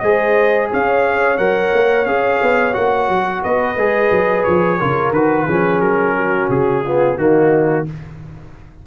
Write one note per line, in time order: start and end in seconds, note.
0.00 0.70 G#3
0.00 1.38 G#4
0.00 0.71 C5
0.00 0.68 D#5
0.71 1.39 C#4
0.71 3.43 C#5
0.71 1.38 F5
1.38 1.73 F#3
1.38 2.07 A#4
1.38 2.06 F#5
1.74 2.06 A#3
2.06 2.40 C#4
2.06 2.73 G#4
2.06 2.74 F5
2.42 2.76 B3
2.73 3.09 A#3
2.73 3.76 F#4
2.73 3.42 F#5
3.09 3.43 F#3
3.43 3.76 B3
3.43 4.79 B4
3.43 4.44 D#5
3.76 4.10 G#3
3.76 4.80 G#4
4.11 4.45 F#3
4.44 4.81 F3
4.44 5.12 C#5
4.79 5.12 C#3
4.79 5.14 F4
4.79 5.47 A#4
5.12 5.46 D#3
5.12 5.48 F#4
5.12 5.81 B4
5.47 5.80 F3
5.47 6.85 C#4
5.47 6.15 G#4
5.80 6.49 F#3
5.80 6.49 A#4
6.17 6.84 F#4
6.50 7.17 C#3
6.50 7.18 G#4
6.84 7.18 B3
6.84 7.17 F4
7.17 7.86 D#3
7.17 7.87 A#3
7.17 7.85 D#4
7.17 7.87 F#4